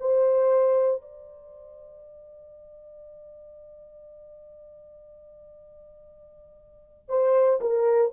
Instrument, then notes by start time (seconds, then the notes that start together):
horn
0.00 C5
1.02 D5
7.09 C5
7.61 A#4